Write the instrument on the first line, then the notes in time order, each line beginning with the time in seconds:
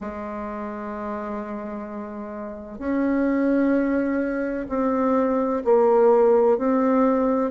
bassoon
0.00 G#3
2.78 C#4
4.69 C4
5.64 A#3
6.58 C4